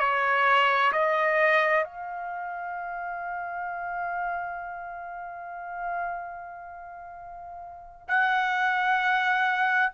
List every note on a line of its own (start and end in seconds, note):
0.00 0.92 C#5
0.93 1.85 D#5
1.85 8.08 F5
8.09 9.93 F#5